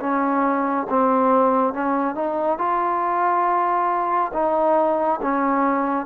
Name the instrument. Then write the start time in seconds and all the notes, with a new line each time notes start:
trombone
0.00 C#4
0.89 C4
1.73 C#4
2.15 D#4
2.58 F4
4.34 D#4
5.22 C#4